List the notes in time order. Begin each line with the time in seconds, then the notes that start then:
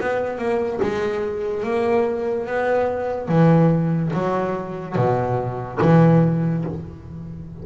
0.00 B3
0.37 A#3
0.82 G#3
1.63 A#3
2.46 B3
3.28 E3
4.13 F#3
4.95 B2
5.81 E3